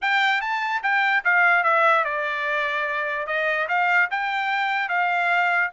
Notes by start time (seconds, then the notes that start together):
0.01 G5
0.41 A5
0.82 G5
1.24 F5
1.63 E5
2.04 D5
3.27 D#5
3.68 F5
4.10 G5
4.88 F5